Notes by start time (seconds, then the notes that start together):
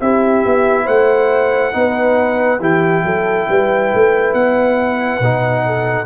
0.00 C4 E4 G4 E5
0.45 B3
0.84 A3 C5 F#5
1.72 B3 D#4 B4
2.60 E3 E4 G4 G5
3.03 F#3 A4
3.49 G3 B4
3.94 A3
4.34 B3 F#5
5.19 B2 D#4
5.65 A4